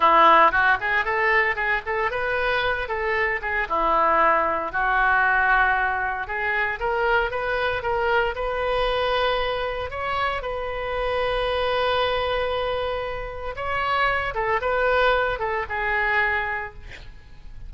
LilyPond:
\new Staff \with { instrumentName = "oboe" } { \time 4/4 \tempo 4 = 115 e'4 fis'8 gis'8 a'4 gis'8 a'8 | b'4. a'4 gis'8 e'4~ | e'4 fis'2. | gis'4 ais'4 b'4 ais'4 |
b'2. cis''4 | b'1~ | b'2 cis''4. a'8 | b'4. a'8 gis'2 | }